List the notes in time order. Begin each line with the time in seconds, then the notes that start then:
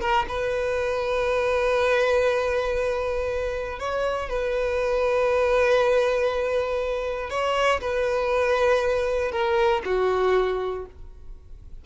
0.00 A#4
0.28 B4
3.79 C#5
4.29 B4
7.30 C#5
7.81 B4
9.31 A#4
9.85 F#4